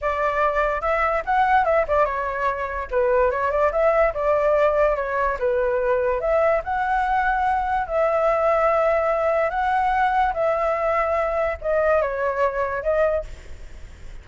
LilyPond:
\new Staff \with { instrumentName = "flute" } { \time 4/4 \tempo 4 = 145 d''2 e''4 fis''4 | e''8 d''8 cis''2 b'4 | cis''8 d''8 e''4 d''2 | cis''4 b'2 e''4 |
fis''2. e''4~ | e''2. fis''4~ | fis''4 e''2. | dis''4 cis''2 dis''4 | }